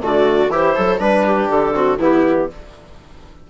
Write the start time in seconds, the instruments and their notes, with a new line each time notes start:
0.00 bassoon D3, trombone A3, viola F#4, clarinet D5
0.48 bassoon E3, trombone E4, viola G4, clarinet C5
0.75 bassoon F#3, viola A4
0.98 bassoon G3, trombone D4, viola B4, clarinet B4
1.25 viola G4
1.49 bassoon D3, clarinet A4
1.74 trombone C4, viola F#4
1.98 bassoon E3, trombone B3, viola E4, clarinet G4